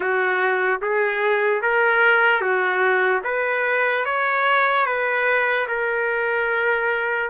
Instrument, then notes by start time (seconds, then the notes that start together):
trumpet
0.00 F#4
0.81 G#4
1.62 A#4
2.41 F#4
3.24 B4
4.05 C#5
4.85 B4
5.68 A#4